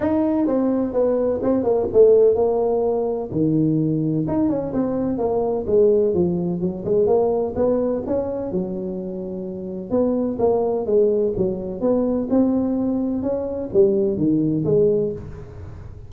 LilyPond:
\new Staff \with { instrumentName = "tuba" } { \time 4/4 \tempo 4 = 127 dis'4 c'4 b4 c'8 ais8 | a4 ais2 dis4~ | dis4 dis'8 cis'8 c'4 ais4 | gis4 f4 fis8 gis8 ais4 |
b4 cis'4 fis2~ | fis4 b4 ais4 gis4 | fis4 b4 c'2 | cis'4 g4 dis4 gis4 | }